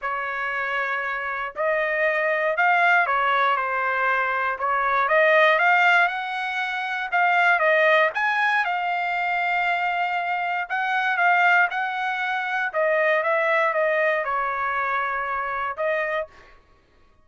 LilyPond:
\new Staff \with { instrumentName = "trumpet" } { \time 4/4 \tempo 4 = 118 cis''2. dis''4~ | dis''4 f''4 cis''4 c''4~ | c''4 cis''4 dis''4 f''4 | fis''2 f''4 dis''4 |
gis''4 f''2.~ | f''4 fis''4 f''4 fis''4~ | fis''4 dis''4 e''4 dis''4 | cis''2. dis''4 | }